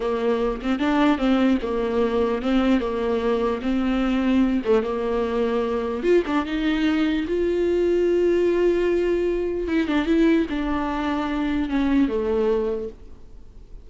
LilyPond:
\new Staff \with { instrumentName = "viola" } { \time 4/4 \tempo 4 = 149 ais4. c'8 d'4 c'4 | ais2 c'4 ais4~ | ais4 c'2~ c'8 a8 | ais2. f'8 d'8 |
dis'2 f'2~ | f'1 | e'8 d'8 e'4 d'2~ | d'4 cis'4 a2 | }